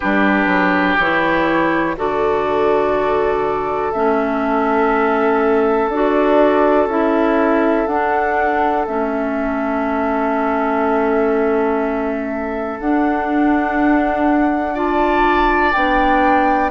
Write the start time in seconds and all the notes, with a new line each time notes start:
0.00 G3 D4 G4 B4
0.46 F#3
0.98 E3 E4 C#5
1.96 D3 F#4 A4 D5
3.92 A3 C#4 E5
5.89 D4 F#4 D5
6.86 C#4 E4 E5
7.87 D4 F#5
8.86 A3 C#4 E5
12.79 D4 F#5
14.74 F4 D5 A5
15.72 B3 D4 G5